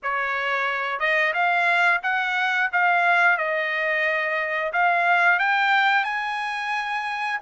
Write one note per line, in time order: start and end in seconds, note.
0.02 0.99 C#5
0.99 1.33 D#5
1.33 2.00 F5
2.03 2.70 F#5
2.72 3.37 F5
3.37 4.72 D#5
4.72 5.39 F5
5.39 6.04 G5
6.04 7.39 G#5